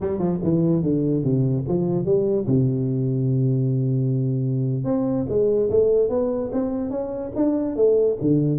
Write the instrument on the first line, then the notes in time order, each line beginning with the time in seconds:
tuba
0.00 G3
0.18 F3
0.43 E3
0.82 D3
1.23 C3
1.68 F3
2.05 G3
2.46 C3
4.84 C4
5.28 G#3
5.70 A3
6.09 B3
6.52 C4
6.90 C#4
7.35 D4
7.75 A3
8.21 D3